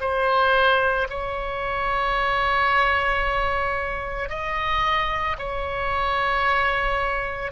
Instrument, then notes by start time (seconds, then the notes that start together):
oboe
0.00 C5
1.09 C#5
4.29 D#5
5.38 C#5